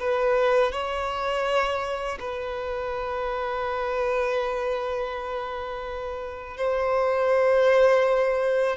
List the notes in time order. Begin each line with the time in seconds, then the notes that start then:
0.00 B4
0.73 C#5
2.20 B4
6.58 C5